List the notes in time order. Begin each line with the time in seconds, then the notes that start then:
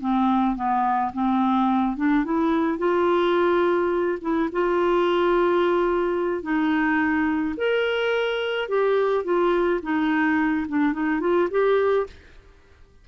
0.00 C4
0.56 B3
1.13 C4
1.97 D4
2.24 E4
2.78 F4
4.21 E4
4.52 F4
6.43 D#4
7.57 A#4
8.69 G4
9.24 F4
9.82 D#4
10.68 D4
10.93 D#4
11.20 F4
11.51 G4